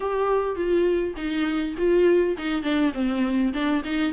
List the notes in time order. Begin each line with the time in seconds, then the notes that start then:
0.00 G4
0.55 F4
1.16 D#4
1.77 F4
2.37 D#4
2.63 D4
2.93 C4
3.53 D4
3.84 D#4